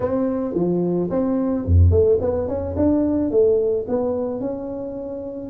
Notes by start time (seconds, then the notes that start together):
0.00 C4
0.54 F3
1.10 C4
1.65 F2
1.90 A3
2.20 B3
2.47 C#4
2.76 D4
3.30 A3
3.88 B3
4.40 C#4